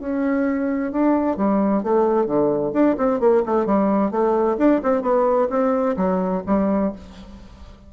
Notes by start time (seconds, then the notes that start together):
0.00 C#4
0.92 D4
1.37 G3
1.83 A3
2.26 D3
2.73 D4
2.97 C4
3.20 A#3
3.46 A3
3.66 G3
4.11 A3
4.58 D4
4.83 C4
5.02 B3
5.50 C4
5.97 F#3
6.46 G3